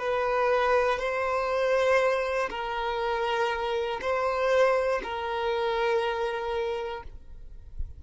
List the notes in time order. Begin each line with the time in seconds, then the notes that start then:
0.00 B4
1.00 C5
2.51 A#4
4.01 C5
5.04 A#4